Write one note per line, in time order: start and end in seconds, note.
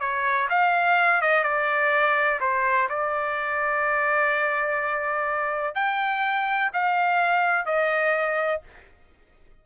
0.00 0.48 C#5
0.50 1.22 F5
1.22 1.44 D#5
1.44 2.40 D5
2.40 2.88 C5
2.89 5.75 D5
5.75 6.71 G5
6.73 7.66 F5
7.66 8.62 D#5